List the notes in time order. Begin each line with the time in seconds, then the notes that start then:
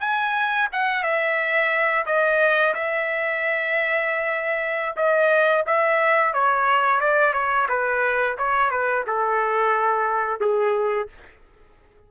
0.00 G#5
0.73 F#5
1.03 E5
2.06 D#5
2.75 E5
4.97 D#5
5.67 E5
6.34 C#5
7.00 D5
7.34 C#5
7.69 B4
8.38 C#5
8.71 B4
9.07 A4
10.40 G#4